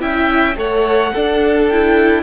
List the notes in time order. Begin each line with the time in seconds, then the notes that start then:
0.00 C#4 E4 E5 G5
0.56 A3 A4 C#5 F#5
1.13 D4 A4
1.68 E4 G5